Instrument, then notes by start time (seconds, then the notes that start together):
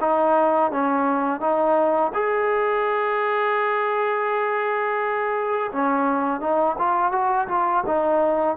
trombone
0.00 D#4
0.71 C#4
1.40 D#4
2.14 G#4
5.72 C#4
6.40 D#4
6.78 F4
7.12 F#4
7.48 F4
7.86 D#4